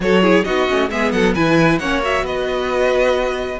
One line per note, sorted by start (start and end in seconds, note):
0.00 0.43 F#3
0.00 0.22 F#4
0.00 0.22 A4
0.00 0.43 C#5
0.22 0.45 E4
0.22 0.44 G#4
0.43 0.69 B3
0.43 0.68 D#4
0.43 0.89 F#4
0.43 0.89 D#5
0.68 0.89 A3
0.68 0.90 C#4
0.89 1.11 G#3
0.89 1.36 B3
0.89 1.13 G#4
0.89 1.11 E5
1.11 1.34 F#3
1.11 1.34 A4
1.11 1.34 F#5
1.34 1.79 E3
1.34 1.81 E4
1.34 1.79 B4
1.34 1.78 G#5
1.78 2.22 A#3
1.78 2.02 C#4
1.78 2.25 C#5
1.78 2.01 F#5
2.02 3.59 F#4
2.02 2.25 E5
2.22 3.58 B3
2.22 3.59 B4
2.22 3.59 D#5